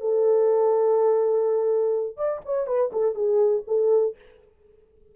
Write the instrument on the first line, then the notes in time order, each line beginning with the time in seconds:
horn
0.00 A4
2.16 D5
2.45 C#5
2.66 B4
2.92 A4
3.14 G#4
3.67 A4